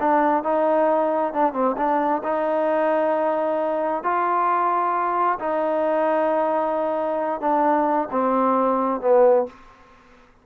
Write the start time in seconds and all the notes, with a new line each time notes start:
0.00 D4
0.43 D#4
1.33 D4
1.53 C4
1.77 D4
2.24 D#4
4.04 F4
5.40 D#4
7.41 D4
8.11 C4
9.01 B3